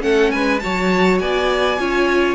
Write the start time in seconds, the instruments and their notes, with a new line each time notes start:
0.00 cello A3, viola C#4, violin A4 F#5
0.31 cello G#3, violin B4 G#5
0.59 cello F#3, viola F#4, violin C#5 A5
1.19 cello B3, violin D5 G#5
1.78 cello C#4, viola F4, violin C#5